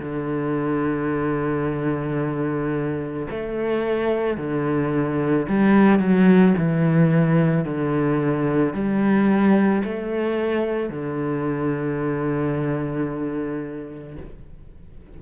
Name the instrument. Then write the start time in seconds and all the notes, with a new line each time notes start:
cello
0.00 D3
3.31 A3
4.38 D3
5.49 G3
6.00 F#3
6.58 E3
7.65 D3
8.74 G3
9.84 A3
10.90 D3